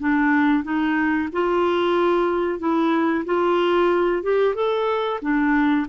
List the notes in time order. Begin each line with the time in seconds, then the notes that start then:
0.00 D4
0.64 D#4
1.33 F4
2.59 E4
3.25 F4
4.23 G4
4.55 A4
5.22 D4